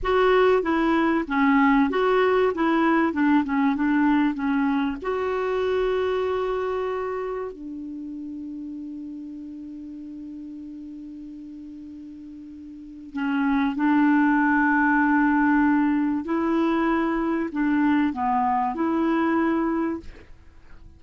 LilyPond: \new Staff \with { instrumentName = "clarinet" } { \time 4/4 \tempo 4 = 96 fis'4 e'4 cis'4 fis'4 | e'4 d'8 cis'8 d'4 cis'4 | fis'1 | d'1~ |
d'1~ | d'4 cis'4 d'2~ | d'2 e'2 | d'4 b4 e'2 | }